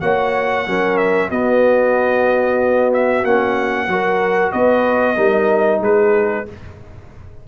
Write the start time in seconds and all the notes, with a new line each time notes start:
0.00 A#3 F#4 C#5 F#5
0.66 F#3 C#4 A#4
0.97 E5
1.29 B3 F#4 D#5
2.93 E5
3.23 A#3 C#4 F#5
3.87 F#3 F#4 A#4
4.52 B3 B4 D#5
5.16 G3 D#4 A#4
5.80 G#3 G#4 B4